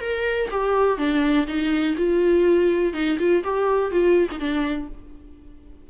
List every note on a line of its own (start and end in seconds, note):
0.00 0.49 A#4
0.50 0.98 G4
0.98 1.46 D4
1.47 1.95 D#4
1.97 2.93 F4
2.93 3.17 D#4
3.19 3.43 F4
3.43 3.91 G4
3.91 4.28 F4
4.31 4.39 D#4
4.39 4.88 D4